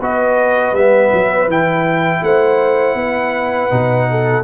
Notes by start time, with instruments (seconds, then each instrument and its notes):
0.00 tuba B3, trombone F#4, horn B4, trumpet D#5
0.73 tuba G3, trombone B3, trumpet E5
1.13 tuba F#3
1.48 tuba E3, trombone E4, trumpet G5
2.22 tuba A3, horn C5, trumpet F#5
2.95 tuba B3, horn B4
3.70 tuba B2, trombone D#4
4.11 horn A4